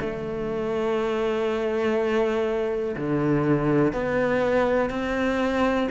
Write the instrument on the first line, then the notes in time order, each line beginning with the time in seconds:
cello
0.00 A3
2.96 D3
3.93 B3
4.90 C4